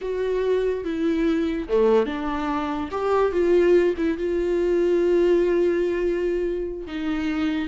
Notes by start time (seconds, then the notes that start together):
0.01 F#4
0.84 E4
1.68 A3
2.05 D4
2.91 G4
3.31 F4
3.97 E4
4.17 F4
6.87 D#4